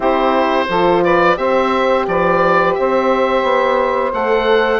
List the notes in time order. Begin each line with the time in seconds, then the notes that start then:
0.00 C4 E4 G4 C5
0.68 F3 F4 A4
1.03 B4 D5
1.36 C4 G4 C5 E5
2.07 F3 B4 D5
2.74 C4 C5 E5
3.43 B3
4.13 A3 A4 F#5